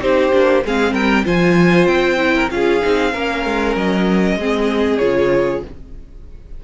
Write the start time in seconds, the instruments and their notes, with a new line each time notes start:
0.00 cello C4, viola D#4, violin G4 C5
0.32 cello A#3, viola D4
0.64 cello G#3, viola C4, violin G#4 F5
0.92 cello G3, violin A#4 G5
1.24 cello F3, viola F4, violin C5 G#5
1.87 cello C4, violin G5
2.17 viola E4
2.35 violin A#4
2.50 cello C#4, viola F4, violin G#4 F5
2.81 cello C4, viola D#4
3.13 cello A#3, viola C#4, violin A#4
3.45 cello G#3
3.76 cello F#3, violin D#5
4.36 cello G#3, viola C4, violin G#4
4.98 cello C#3, viola F4, violin C#5